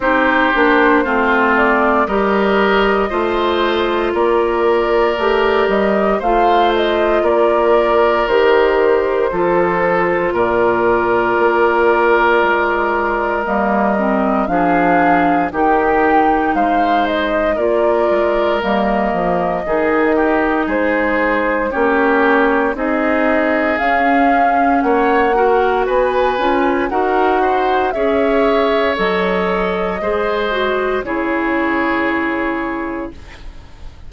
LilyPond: <<
  \new Staff \with { instrumentName = "flute" } { \time 4/4 \tempo 4 = 58 c''4. d''8 dis''2 | d''4. dis''8 f''8 dis''8 d''4 | c''2 d''2~ | d''4 dis''4 f''4 g''4 |
f''8 dis''8 d''4 dis''2 | c''4 cis''4 dis''4 f''4 | fis''4 gis''4 fis''4 e''4 | dis''2 cis''2 | }
  \new Staff \with { instrumentName = "oboe" } { \time 4/4 g'4 f'4 ais'4 c''4 | ais'2 c''4 ais'4~ | ais'4 a'4 ais'2~ | ais'2 gis'4 g'4 |
c''4 ais'2 gis'8 g'8 | gis'4 g'4 gis'2 | cis''8 ais'8 b'4 ais'8 c''8 cis''4~ | cis''4 c''4 gis'2 | }
  \new Staff \with { instrumentName = "clarinet" } { \time 4/4 dis'8 d'8 c'4 g'4 f'4~ | f'4 g'4 f'2 | g'4 f'2.~ | f'4 ais8 c'8 d'4 dis'4~ |
dis'4 f'4 ais4 dis'4~ | dis'4 cis'4 dis'4 cis'4~ | cis'8 fis'4 f'8 fis'4 gis'4 | a'4 gis'8 fis'8 e'2 | }
  \new Staff \with { instrumentName = "bassoon" } { \time 4/4 c'8 ais8 a4 g4 a4 | ais4 a8 g8 a4 ais4 | dis4 f4 ais,4 ais4 | gis4 g4 f4 dis4 |
gis4 ais8 gis8 g8 f8 dis4 | gis4 ais4 c'4 cis'4 | ais4 b8 cis'8 dis'4 cis'4 | fis4 gis4 cis2 | }
>>